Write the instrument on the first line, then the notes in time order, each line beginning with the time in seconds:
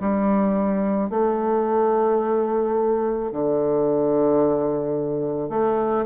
bassoon
0.00 G3
1.10 A3
3.31 D3
5.49 A3